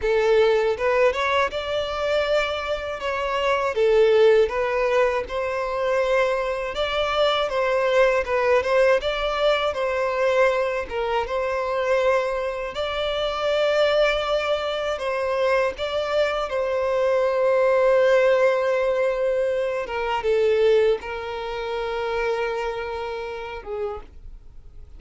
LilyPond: \new Staff \with { instrumentName = "violin" } { \time 4/4 \tempo 4 = 80 a'4 b'8 cis''8 d''2 | cis''4 a'4 b'4 c''4~ | c''4 d''4 c''4 b'8 c''8 | d''4 c''4. ais'8 c''4~ |
c''4 d''2. | c''4 d''4 c''2~ | c''2~ c''8 ais'8 a'4 | ais'2.~ ais'8 gis'8 | }